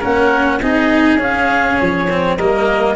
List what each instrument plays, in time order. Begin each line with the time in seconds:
0.00 tuba A#3, cello C#4, oboe A#4, clarinet F#5
0.61 tuba C4, cello D#4, oboe G#4, clarinet D#5
1.16 tuba C#4, cello C#4
1.22 clarinet F5
1.80 tuba F3, clarinet C#5
2.10 cello C4
2.38 tuba G3, cello A#3, oboe A#4, clarinet D#5